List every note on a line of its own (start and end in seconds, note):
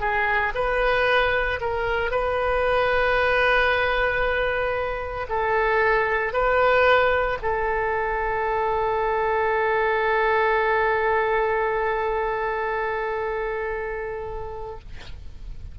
0.00 0.53 G#4
0.55 1.60 B4
1.60 2.11 A#4
2.11 5.27 B4
5.29 6.33 A4
6.33 7.38 B4
7.42 14.78 A4